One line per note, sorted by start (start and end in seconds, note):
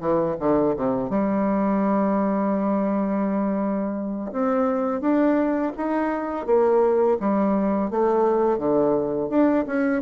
0.00 0.36 E3
0.39 0.75 D3
0.76 1.10 C3
1.10 4.31 G3
4.32 5.01 C4
5.01 5.72 D4
5.77 6.46 D#4
6.46 7.18 A#3
7.20 7.91 G3
7.91 8.58 A3
8.58 9.29 D3
9.29 9.65 D4
9.67 10.02 C#4